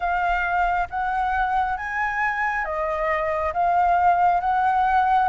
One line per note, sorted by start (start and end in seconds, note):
0.00 0.87 F5
0.90 1.77 F#5
1.77 2.64 G#5
2.64 3.53 D#5
3.53 4.40 F5
4.40 5.28 F#5